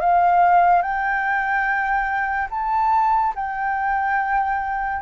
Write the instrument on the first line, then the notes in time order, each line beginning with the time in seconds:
flute
0.00 F5
0.82 G5
2.50 A5
3.35 G5